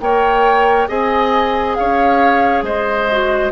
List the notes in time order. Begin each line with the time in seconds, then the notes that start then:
0.00 A#3 A#4 C#5 G5
0.88 C4 G#4 D#5 G#5
1.75 C#4 C#5 F5
2.62 G#3 C5 D#5
3.11 F#4